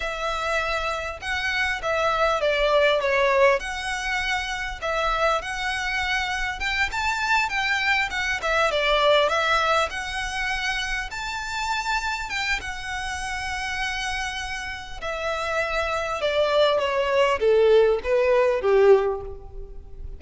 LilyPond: \new Staff \with { instrumentName = "violin" } { \time 4/4 \tempo 4 = 100 e''2 fis''4 e''4 | d''4 cis''4 fis''2 | e''4 fis''2 g''8 a''8~ | a''8 g''4 fis''8 e''8 d''4 e''8~ |
e''8 fis''2 a''4.~ | a''8 g''8 fis''2.~ | fis''4 e''2 d''4 | cis''4 a'4 b'4 g'4 | }